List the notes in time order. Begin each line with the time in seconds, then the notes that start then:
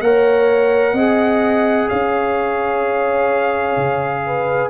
0.00 A#3 A#4 C#5 F#5
0.93 C4 G#4 D#5
1.88 C#4 C#5 F5
3.77 C#3
4.26 B4